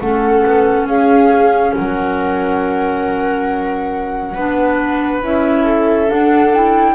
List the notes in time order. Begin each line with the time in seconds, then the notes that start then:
0.00 A3 C#4 A4 F#5
0.46 B3
0.87 C#4 G#4 F5
1.75 F#3 A#4 F#5
4.34 B3 D4 B4
5.23 C#4 E4 E5
5.63 A4
6.07 D4 F#5
6.53 E4 G5